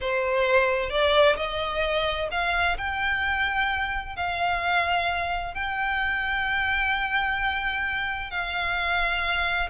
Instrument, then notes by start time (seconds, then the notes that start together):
violin
0.01 C5
0.90 D5
1.36 D#5
2.31 F5
2.77 G5
4.16 F5
5.54 G5
8.31 F5